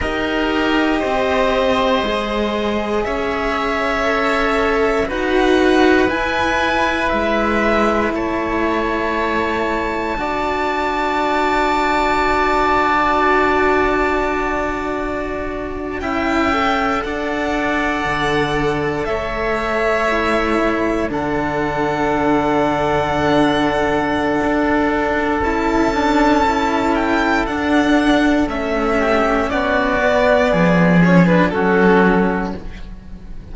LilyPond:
<<
  \new Staff \with { instrumentName = "violin" } { \time 4/4 \tempo 4 = 59 dis''2. e''4~ | e''4 fis''4 gis''4 e''4 | a''1~ | a''2.~ a''8. g''16~ |
g''8. fis''2 e''4~ e''16~ | e''8. fis''2.~ fis''16~ | fis''4 a''4. g''8 fis''4 | e''4 d''4. cis''16 b'16 a'4 | }
  \new Staff \with { instrumentName = "oboe" } { \time 4/4 ais'4 c''2 cis''4~ | cis''4 b'2. | cis''2 d''2~ | d''2.~ d''8. e''16~ |
e''8. d''2 cis''4~ cis''16~ | cis''8. a'2.~ a'16~ | a'1~ | a'8 g'8 fis'4 gis'4 fis'4 | }
  \new Staff \with { instrumentName = "cello" } { \time 4/4 g'2 gis'2 | a'4 fis'4 e'2~ | e'2 fis'2~ | fis'2.~ fis'8. e'16~ |
e'16 a'2.~ a'8 e'16~ | e'8. d'2.~ d'16~ | d'4 e'8 d'8 e'4 d'4 | cis'4. b4 cis'16 d'16 cis'4 | }
  \new Staff \with { instrumentName = "cello" } { \time 4/4 dis'4 c'4 gis4 cis'4~ | cis'4 dis'4 e'4 gis4 | a2 d'2~ | d'2.~ d'8. cis'16~ |
cis'8. d'4 d4 a4~ a16~ | a8. d2.~ d16 | d'4 cis'2 d'4 | a4 b4 f4 fis4 | }
>>